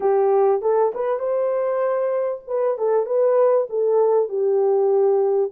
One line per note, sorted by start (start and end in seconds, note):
0.00 0.61 G4
0.61 0.92 A4
0.94 1.19 B4
1.19 2.41 C5
2.47 2.77 B4
2.77 3.06 A4
3.06 3.67 B4
3.69 4.29 A4
4.29 5.51 G4